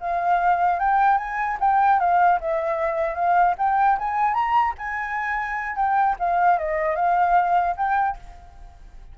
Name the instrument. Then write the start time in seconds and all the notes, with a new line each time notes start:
flute
0.00 F5
0.79 G5
1.17 G#5
1.60 G5
2.00 F5
2.41 E5
3.15 F5
3.58 G5
3.99 G#5
4.34 A#5
4.78 G#5
5.76 G5
6.20 F5
6.58 D#5
6.96 F5
7.77 G5